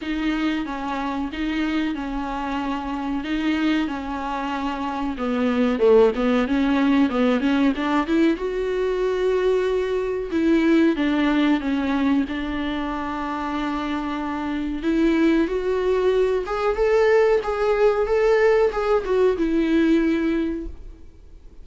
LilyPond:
\new Staff \with { instrumentName = "viola" } { \time 4/4 \tempo 4 = 93 dis'4 cis'4 dis'4 cis'4~ | cis'4 dis'4 cis'2 | b4 a8 b8 cis'4 b8 cis'8 | d'8 e'8 fis'2. |
e'4 d'4 cis'4 d'4~ | d'2. e'4 | fis'4. gis'8 a'4 gis'4 | a'4 gis'8 fis'8 e'2 | }